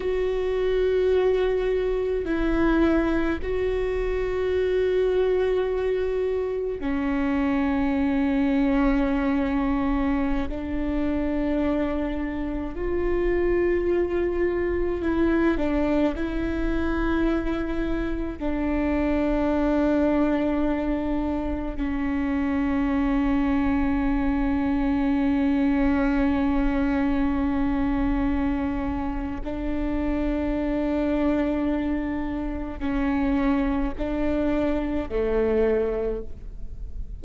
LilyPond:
\new Staff \with { instrumentName = "viola" } { \time 4/4 \tempo 4 = 53 fis'2 e'4 fis'4~ | fis'2 cis'2~ | cis'4~ cis'16 d'2 f'8.~ | f'4~ f'16 e'8 d'8 e'4.~ e'16~ |
e'16 d'2. cis'8.~ | cis'1~ | cis'2 d'2~ | d'4 cis'4 d'4 a4 | }